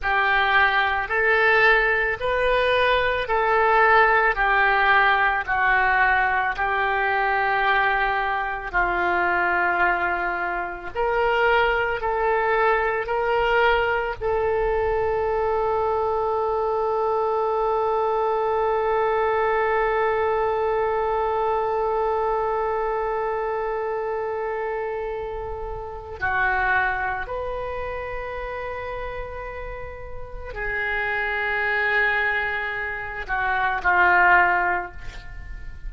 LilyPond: \new Staff \with { instrumentName = "oboe" } { \time 4/4 \tempo 4 = 55 g'4 a'4 b'4 a'4 | g'4 fis'4 g'2 | f'2 ais'4 a'4 | ais'4 a'2.~ |
a'1~ | a'1 | fis'4 b'2. | gis'2~ gis'8 fis'8 f'4 | }